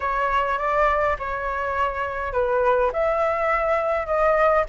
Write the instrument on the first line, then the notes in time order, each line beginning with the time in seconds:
flute
0.00 C#5
0.58 D5
1.18 C#5
2.32 B4
2.93 E5
4.06 D#5